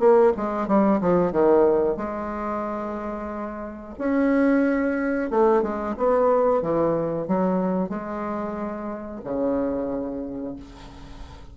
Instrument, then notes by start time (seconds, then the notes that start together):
bassoon
0.00 A#3
0.37 G#3
0.68 G3
1.01 F3
1.32 D#3
1.98 G#3
3.99 C#4
5.31 A3
5.63 G#3
5.98 B3
6.62 E3
7.28 F#3
7.90 G#3
9.25 C#3